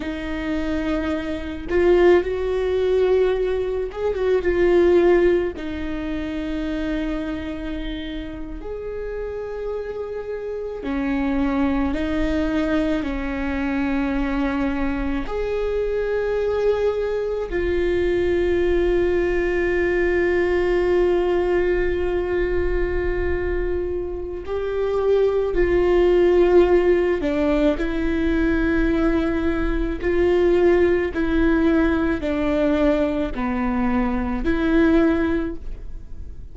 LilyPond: \new Staff \with { instrumentName = "viola" } { \time 4/4 \tempo 4 = 54 dis'4. f'8 fis'4. gis'16 fis'16 | f'4 dis'2~ dis'8. gis'16~ | gis'4.~ gis'16 cis'4 dis'4 cis'16~ | cis'4.~ cis'16 gis'2 f'16~ |
f'1~ | f'2 g'4 f'4~ | f'8 d'8 e'2 f'4 | e'4 d'4 b4 e'4 | }